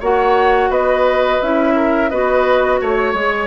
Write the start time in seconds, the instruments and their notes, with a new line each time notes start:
0.00 bassoon A#3, clarinet F#4, oboe C#5, flute F#5
0.70 bassoon B3, oboe B4, flute D#5
1.42 bassoon C#4, clarinet E4, flute E5
1.75 oboe A#4
2.09 bassoon B3, clarinet F#4, oboe B4, flute D#5
2.81 bassoon A3, oboe C#5, flute C#5
3.13 bassoon G#3, clarinet G#4